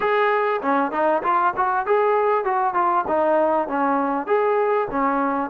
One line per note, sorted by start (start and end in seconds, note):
0.00 0.60 G#4
0.61 0.91 C#4
0.91 1.22 D#4
1.22 1.53 F4
1.56 1.85 F#4
1.85 2.44 G#4
2.44 2.74 F#4
2.74 3.04 F4
3.08 3.67 D#4
3.67 4.26 C#4
4.26 4.88 G#4
4.90 5.50 C#4